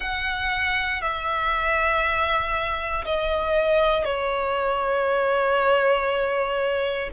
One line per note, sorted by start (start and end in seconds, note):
0.00 1.01 F#5
1.01 3.05 E5
3.05 4.04 D#5
4.04 7.09 C#5